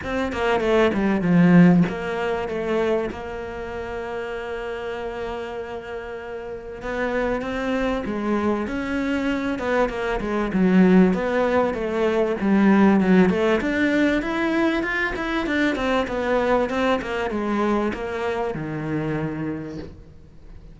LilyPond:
\new Staff \with { instrumentName = "cello" } { \time 4/4 \tempo 4 = 97 c'8 ais8 a8 g8 f4 ais4 | a4 ais2.~ | ais2. b4 | c'4 gis4 cis'4. b8 |
ais8 gis8 fis4 b4 a4 | g4 fis8 a8 d'4 e'4 | f'8 e'8 d'8 c'8 b4 c'8 ais8 | gis4 ais4 dis2 | }